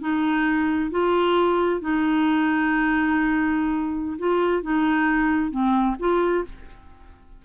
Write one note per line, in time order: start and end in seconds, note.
0.00 0.90 D#4
0.90 1.80 F4
1.81 4.17 D#4
4.18 4.62 F4
4.62 5.50 D#4
5.50 5.95 C4
5.99 6.44 F4